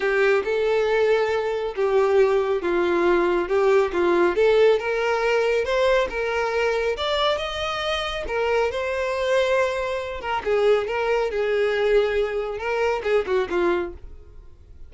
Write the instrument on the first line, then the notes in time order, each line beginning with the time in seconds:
violin
0.00 G4
0.44 A4
1.75 G4
2.61 F4
3.48 G4
3.92 F4
4.35 A4
4.79 A#4
5.64 C5
6.09 A#4
6.96 D5
7.37 D#5
8.27 A#4
8.71 C5
10.20 A#4
10.44 G#4
10.87 A#4
11.30 G#4
12.58 A#4
13.03 G#4
13.26 F#4
13.49 F4